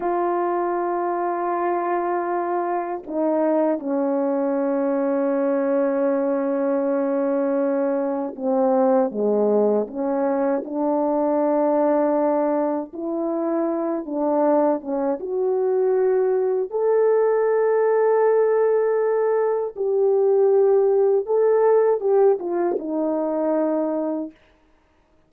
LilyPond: \new Staff \with { instrumentName = "horn" } { \time 4/4 \tempo 4 = 79 f'1 | dis'4 cis'2.~ | cis'2. c'4 | gis4 cis'4 d'2~ |
d'4 e'4. d'4 cis'8 | fis'2 a'2~ | a'2 g'2 | a'4 g'8 f'8 dis'2 | }